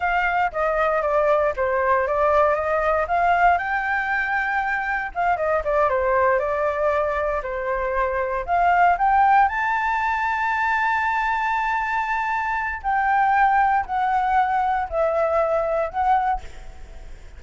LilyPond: \new Staff \with { instrumentName = "flute" } { \time 4/4 \tempo 4 = 117 f''4 dis''4 d''4 c''4 | d''4 dis''4 f''4 g''4~ | g''2 f''8 dis''8 d''8 c''8~ | c''8 d''2 c''4.~ |
c''8 f''4 g''4 a''4.~ | a''1~ | a''4 g''2 fis''4~ | fis''4 e''2 fis''4 | }